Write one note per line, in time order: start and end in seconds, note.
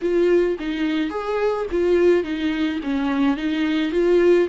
0.01 0.57 F4
0.59 1.10 D#4
1.10 1.66 G#4
1.71 2.23 F4
2.23 2.79 D#4
2.83 3.36 C#4
3.36 3.91 D#4
3.91 4.47 F4